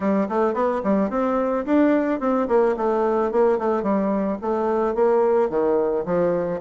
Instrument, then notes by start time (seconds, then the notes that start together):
bassoon
0.00 G3
0.29 A3
0.54 B3
0.83 G3
1.10 C4
1.65 D4
2.20 C4
2.48 A#3
2.76 A3
3.31 A#3
3.58 A3
3.83 G3
4.41 A3
4.94 A#3
5.49 D#3
6.05 F3